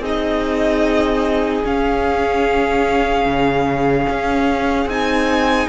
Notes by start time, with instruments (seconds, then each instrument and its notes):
0.00 cello C4, viola D#4, violin G#4 D#5
1.63 viola C#4, cello C#4, violin F5
3.26 cello C#3
4.09 cello C#4
4.86 cello C4, viola D#4, violin G#5